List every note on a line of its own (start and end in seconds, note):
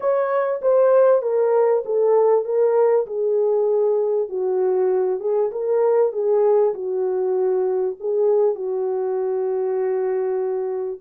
0.00 0.60 C#5
0.61 1.22 C5
1.22 1.83 A#4
1.85 2.44 A4
2.44 3.06 A#4
3.06 4.28 G#4
4.29 5.20 F#4
5.20 5.50 G#4
5.51 6.12 A#4
6.12 6.73 G#4
6.74 7.96 F#4
8.00 8.55 G#4
8.55 11.00 F#4